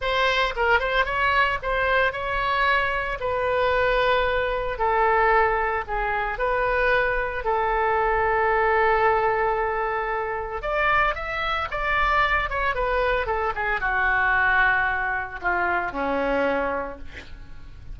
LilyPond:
\new Staff \with { instrumentName = "oboe" } { \time 4/4 \tempo 4 = 113 c''4 ais'8 c''8 cis''4 c''4 | cis''2 b'2~ | b'4 a'2 gis'4 | b'2 a'2~ |
a'1 | d''4 e''4 d''4. cis''8 | b'4 a'8 gis'8 fis'2~ | fis'4 f'4 cis'2 | }